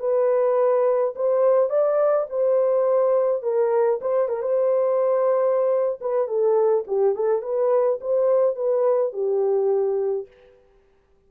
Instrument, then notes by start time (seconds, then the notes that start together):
horn
0.00 B4
1.16 C5
1.70 D5
2.30 C5
3.43 A#4
4.02 C5
4.29 A#4
4.43 C5
6.01 B4
6.28 A4
6.88 G4
7.15 A4
7.42 B4
8.01 C5
8.56 B4
9.13 G4